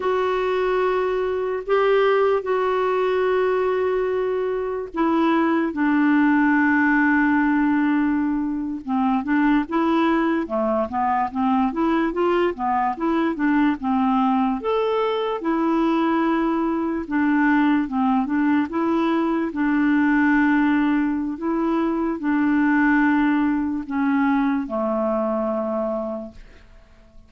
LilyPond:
\new Staff \with { instrumentName = "clarinet" } { \time 4/4 \tempo 4 = 73 fis'2 g'4 fis'4~ | fis'2 e'4 d'4~ | d'2~ d'8. c'8 d'8 e'16~ | e'8. a8 b8 c'8 e'8 f'8 b8 e'16~ |
e'16 d'8 c'4 a'4 e'4~ e'16~ | e'8. d'4 c'8 d'8 e'4 d'16~ | d'2 e'4 d'4~ | d'4 cis'4 a2 | }